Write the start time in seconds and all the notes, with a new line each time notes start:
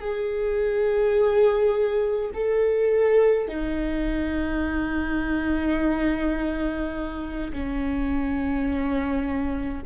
0.00 G#4
2.34 A4
3.48 D#4
7.53 C#4